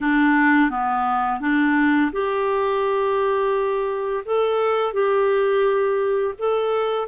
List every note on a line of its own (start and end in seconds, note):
0.01 0.69 D4
0.69 1.40 B3
1.40 2.11 D4
2.12 4.24 G4
4.25 4.93 A4
4.93 6.34 G4
6.38 7.07 A4